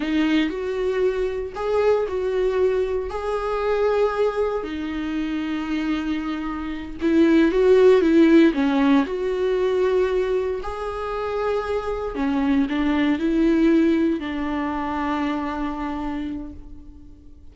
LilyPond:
\new Staff \with { instrumentName = "viola" } { \time 4/4 \tempo 4 = 116 dis'4 fis'2 gis'4 | fis'2 gis'2~ | gis'4 dis'2.~ | dis'4. e'4 fis'4 e'8~ |
e'8 cis'4 fis'2~ fis'8~ | fis'8 gis'2. cis'8~ | cis'8 d'4 e'2 d'8~ | d'1 | }